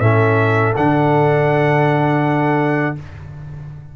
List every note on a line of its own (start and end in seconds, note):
0.00 0.73 A2
0.00 0.75 C#4
0.00 2.94 A4
0.00 0.74 E5
0.76 2.96 D3
0.76 2.96 D4
0.76 2.97 F#5